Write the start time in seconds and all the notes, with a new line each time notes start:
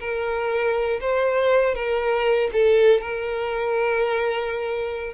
0.00 A#4
1.01 C5
1.75 A#4
2.52 A4
3.01 A#4